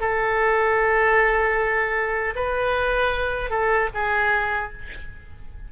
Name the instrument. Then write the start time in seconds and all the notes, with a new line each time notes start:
oboe
0.00 A4
2.35 B4
3.50 A4
3.94 G#4